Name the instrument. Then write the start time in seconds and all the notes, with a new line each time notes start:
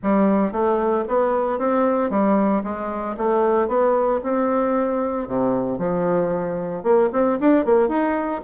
bassoon
0.02 G3
0.51 A3
1.07 B3
1.59 C4
2.10 G3
2.63 G#3
3.17 A3
3.67 B3
4.23 C4
5.27 C3
5.78 F3
6.83 A#3
7.12 C4
7.39 D4
7.65 A#3
7.88 D#4